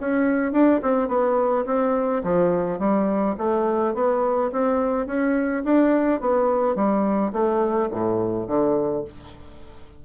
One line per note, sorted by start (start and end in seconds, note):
0.00 0.52 C#4
0.52 0.80 D4
0.82 1.08 C4
1.08 1.65 B3
1.66 2.22 C4
2.23 2.79 F3
2.79 3.36 G3
3.38 3.94 A3
3.94 4.51 B3
4.52 5.06 C4
5.06 5.63 C#4
5.64 6.20 D4
6.20 6.75 B3
6.75 7.32 G3
7.33 7.89 A3
7.91 8.47 A2
8.47 9.04 D3